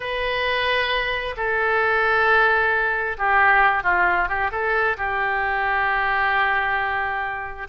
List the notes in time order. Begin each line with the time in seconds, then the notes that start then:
0.00 B4
1.36 A4
3.18 G4
3.83 F4
4.28 G4
4.51 A4
4.97 G4